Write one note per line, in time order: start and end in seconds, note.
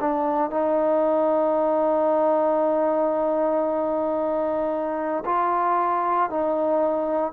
0.00 0.51 D4
0.51 5.24 D#4
5.25 6.30 F4
6.30 7.33 D#4